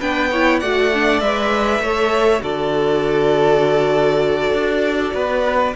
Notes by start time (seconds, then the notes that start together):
0.00 B3 D4 B4 G5
0.31 E4 C#5
0.60 A3 F#4 D5 F#5
0.94 D4
1.21 G#3 B4 E5
1.80 A3 C#5
1.86 A4
2.40 D3 F#4 A4 D5
4.53 D4
5.14 B3 B4